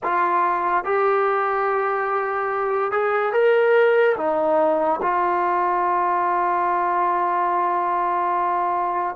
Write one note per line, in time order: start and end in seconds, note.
0.03 0.84 F4
0.84 2.91 G4
2.91 3.33 G#4
3.33 4.16 A#4
4.17 5.00 D#4
5.02 9.15 F4